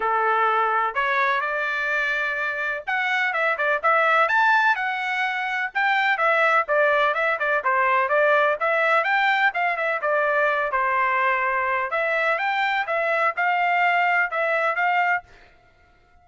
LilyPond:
\new Staff \with { instrumentName = "trumpet" } { \time 4/4 \tempo 4 = 126 a'2 cis''4 d''4~ | d''2 fis''4 e''8 d''8 | e''4 a''4 fis''2 | g''4 e''4 d''4 e''8 d''8 |
c''4 d''4 e''4 g''4 | f''8 e''8 d''4. c''4.~ | c''4 e''4 g''4 e''4 | f''2 e''4 f''4 | }